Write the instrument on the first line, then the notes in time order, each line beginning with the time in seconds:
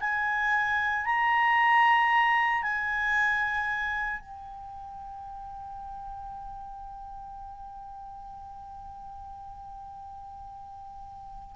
clarinet
0.00 G#5
1.05 A#5
2.62 G#5
4.20 G5